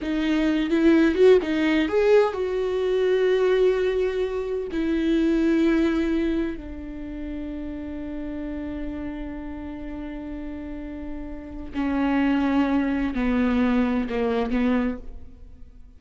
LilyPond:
\new Staff \with { instrumentName = "viola" } { \time 4/4 \tempo 4 = 128 dis'4. e'4 fis'8 dis'4 | gis'4 fis'2.~ | fis'2 e'2~ | e'2 d'2~ |
d'1~ | d'1~ | d'4 cis'2. | b2 ais4 b4 | }